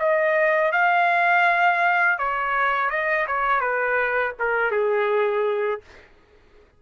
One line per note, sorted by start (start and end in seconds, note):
0.00 0.73 D#5
0.73 2.19 F5
2.19 2.90 C#5
2.90 3.27 D#5
3.28 3.61 C#5
3.61 4.34 B4
4.40 4.72 A#4
4.72 5.82 G#4